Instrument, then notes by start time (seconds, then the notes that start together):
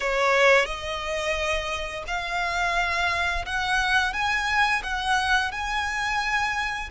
violin
0.00 C#5
0.65 D#5
2.07 F5
3.45 F#5
4.13 G#5
4.83 F#5
5.51 G#5